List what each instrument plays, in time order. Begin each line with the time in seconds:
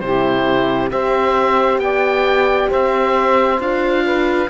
0.00 cello C3, horn E4, saxophone G4, oboe C5
0.90 cello C4, horn G4, saxophone C5, oboe E5
1.78 cello B3, saxophone D5, oboe G5
2.69 cello C4, saxophone C5, oboe E5
3.59 cello D4, horn F4, oboe F5
4.05 saxophone B4